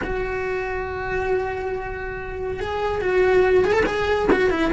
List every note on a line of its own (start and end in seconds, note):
0.03 2.59 F#4
2.59 3.01 G#4
3.01 3.64 F#4
3.64 3.73 G#4
3.73 3.83 A4
3.86 4.28 G#4
4.32 4.50 F#4
4.50 4.71 E4